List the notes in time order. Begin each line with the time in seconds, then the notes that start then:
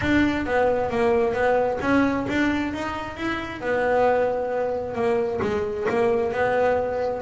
0.01 D4
0.46 B3
0.90 A#3
1.33 B3
1.81 C#4
2.28 D4
2.73 D#4
3.16 E4
3.60 B3
4.95 A#3
5.41 G#3
5.89 A#3
6.32 B3